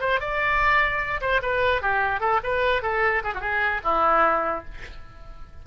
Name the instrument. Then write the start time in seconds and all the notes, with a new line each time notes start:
oboe
0.00 C5
0.20 D5
1.21 C5
1.42 B4
1.81 G4
2.20 A4
2.43 B4
2.82 A4
3.24 G#4
3.34 F#4
3.41 G#4
3.84 E4